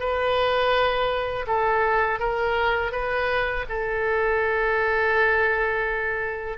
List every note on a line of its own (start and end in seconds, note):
0.00 1.46 B4
1.48 2.20 A4
2.20 2.92 A#4
2.92 3.65 B4
3.70 6.58 A4